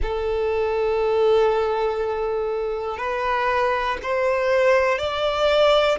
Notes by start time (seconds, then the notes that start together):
0.02 A4
2.97 B4
4.02 C5
4.98 D5